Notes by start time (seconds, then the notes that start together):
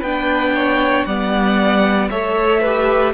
0.00 B3 D4 B4 G5
0.55 C#5
1.05 G3 B3 D5 F#5
2.10 A3 A4 C#5 E5
2.61 G4 B4